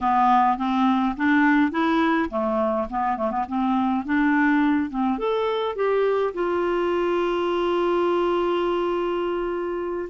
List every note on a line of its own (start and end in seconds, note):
0.00 0.57 B3
0.57 1.15 C4
1.16 1.71 D4
1.71 2.29 E4
2.30 2.87 A3
2.90 3.17 B3
3.17 3.30 A3
3.30 3.45 B3
3.48 4.05 C4
4.05 4.89 D4
4.89 5.18 C4
5.18 5.75 A4
5.75 6.33 G4
6.34 10.09 F4